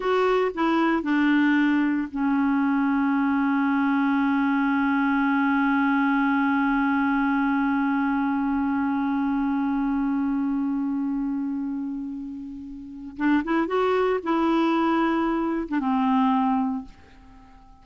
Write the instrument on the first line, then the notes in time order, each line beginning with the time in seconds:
clarinet
0.00 F#4
0.54 E4
1.03 D4
2.11 C#4
13.17 D4
13.44 E4
13.67 F#4
14.23 E4
15.68 D4
15.79 C4